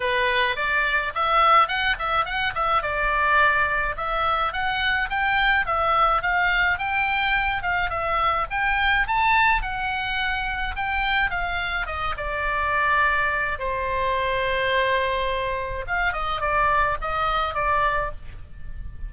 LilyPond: \new Staff \with { instrumentName = "oboe" } { \time 4/4 \tempo 4 = 106 b'4 d''4 e''4 fis''8 e''8 | fis''8 e''8 d''2 e''4 | fis''4 g''4 e''4 f''4 | g''4. f''8 e''4 g''4 |
a''4 fis''2 g''4 | f''4 dis''8 d''2~ d''8 | c''1 | f''8 dis''8 d''4 dis''4 d''4 | }